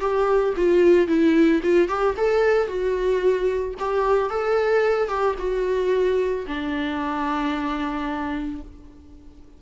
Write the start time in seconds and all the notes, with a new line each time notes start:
0.00 G4
0.56 F4
1.07 E4
1.63 F4
1.88 G4
2.17 A4
2.67 F#4
3.79 G4
4.30 A4
5.08 G4
5.39 F#4
6.47 D4